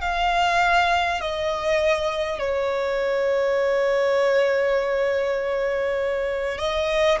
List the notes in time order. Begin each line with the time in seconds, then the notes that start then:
0.00 F5
1.21 D#5
2.39 C#5
6.58 D#5